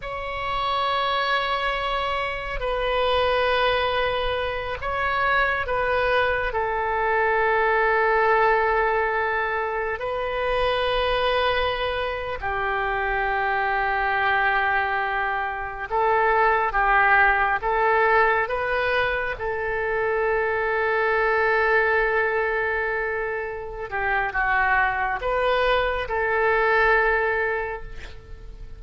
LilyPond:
\new Staff \with { instrumentName = "oboe" } { \time 4/4 \tempo 4 = 69 cis''2. b'4~ | b'4. cis''4 b'4 a'8~ | a'2.~ a'8 b'8~ | b'2~ b'16 g'4.~ g'16~ |
g'2~ g'16 a'4 g'8.~ | g'16 a'4 b'4 a'4.~ a'16~ | a'2.~ a'8 g'8 | fis'4 b'4 a'2 | }